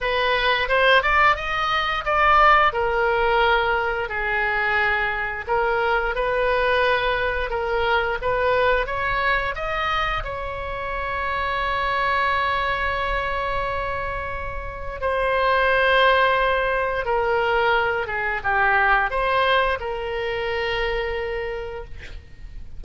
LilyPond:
\new Staff \with { instrumentName = "oboe" } { \time 4/4 \tempo 4 = 88 b'4 c''8 d''8 dis''4 d''4 | ais'2 gis'2 | ais'4 b'2 ais'4 | b'4 cis''4 dis''4 cis''4~ |
cis''1~ | cis''2 c''2~ | c''4 ais'4. gis'8 g'4 | c''4 ais'2. | }